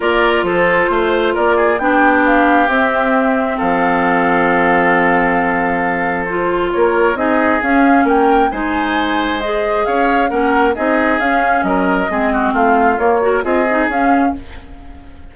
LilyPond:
<<
  \new Staff \with { instrumentName = "flute" } { \time 4/4 \tempo 4 = 134 d''4 c''2 d''4 | g''4 f''4 e''2 | f''1~ | f''2 c''4 cis''4 |
dis''4 f''4 g''4 gis''4~ | gis''4 dis''4 f''4 fis''4 | dis''4 f''4 dis''2 | f''4 cis''4 dis''4 f''4 | }
  \new Staff \with { instrumentName = "oboe" } { \time 4/4 ais'4 a'4 c''4 ais'8 gis'8 | g'1 | a'1~ | a'2. ais'4 |
gis'2 ais'4 c''4~ | c''2 cis''4 ais'4 | gis'2 ais'4 gis'8 fis'8 | f'4. ais'8 gis'2 | }
  \new Staff \with { instrumentName = "clarinet" } { \time 4/4 f'1 | d'2 c'2~ | c'1~ | c'2 f'2 |
dis'4 cis'2 dis'4~ | dis'4 gis'2 cis'4 | dis'4 cis'2 c'4~ | c'4 ais8 fis'8 f'8 dis'8 cis'4 | }
  \new Staff \with { instrumentName = "bassoon" } { \time 4/4 ais4 f4 a4 ais4 | b2 c'2 | f1~ | f2. ais4 |
c'4 cis'4 ais4 gis4~ | gis2 cis'4 ais4 | c'4 cis'4 fis4 gis4 | a4 ais4 c'4 cis'4 | }
>>